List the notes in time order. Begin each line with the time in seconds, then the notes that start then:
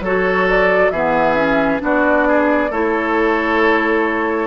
0.00 F#3 F#4 A4 C#5
0.49 D5
0.90 E3 B3 G#4 E5
1.35 C#4
1.79 B3 D4 F#4 D5
2.28 G#4
2.70 A3 E4 A4 C#5